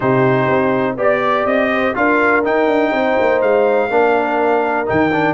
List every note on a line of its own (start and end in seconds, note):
0.00 0.47 C3
0.00 0.97 D#4
0.00 0.94 G4
0.00 0.97 C5
0.47 0.96 C4
0.97 1.45 B3
0.97 1.94 G4
0.97 1.70 D5
0.97 1.46 D5
1.45 1.94 C4
1.45 1.95 D#5
1.71 1.95 C5
1.94 2.45 D4
1.94 2.43 F4
1.94 2.91 A#4
1.94 2.44 F5
2.43 3.90 D#4
2.43 2.67 D#4
2.43 3.41 G5
2.67 2.91 D4
2.91 3.16 C4
2.91 3.89 C5
3.19 3.42 A#3
3.41 3.90 G#3
3.41 4.87 F5
3.90 4.87 A#3
3.90 4.85 D4
3.90 5.34 A#4
4.85 5.34 D#3
4.85 5.10 D#4
4.85 5.34 G5
5.12 5.34 D4